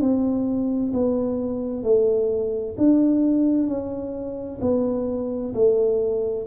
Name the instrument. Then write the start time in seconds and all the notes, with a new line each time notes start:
tuba
0.00 C4
0.93 B3
1.83 A3
2.77 D4
3.67 C#4
4.61 B3
5.53 A3